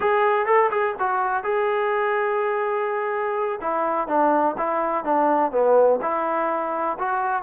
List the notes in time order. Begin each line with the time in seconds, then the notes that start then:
0.00 G#4
0.46 A4
0.71 G#4
0.99 F#4
1.43 G#4
3.61 E4
4.07 D4
4.57 E4
5.04 D4
5.51 B3
6.01 E4
6.98 F#4